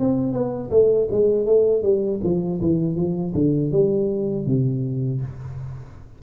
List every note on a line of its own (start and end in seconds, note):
0.00 0.33 C4
0.33 0.71 B3
0.71 1.09 A3
1.11 1.46 G#3
1.46 1.83 A3
1.83 2.21 G3
2.24 2.61 F3
2.61 2.96 E3
2.96 3.34 F3
3.35 3.72 D3
3.72 4.47 G3
4.47 5.22 C3